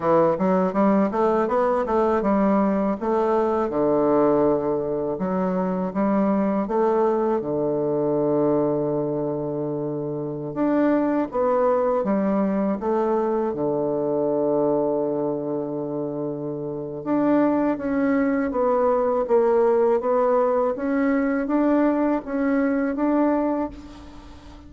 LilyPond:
\new Staff \with { instrumentName = "bassoon" } { \time 4/4 \tempo 4 = 81 e8 fis8 g8 a8 b8 a8 g4 | a4 d2 fis4 | g4 a4 d2~ | d2~ d16 d'4 b8.~ |
b16 g4 a4 d4.~ d16~ | d2. d'4 | cis'4 b4 ais4 b4 | cis'4 d'4 cis'4 d'4 | }